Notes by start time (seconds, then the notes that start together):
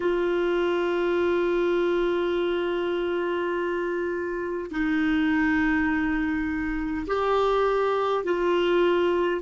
0.00 F4
4.71 D#4
7.07 G4
8.24 F4